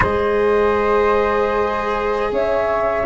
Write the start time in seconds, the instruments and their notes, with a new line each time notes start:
0.00 tuba G#3, cello G#4, flute C5 D#5
2.31 tuba C#4, flute C#5 E5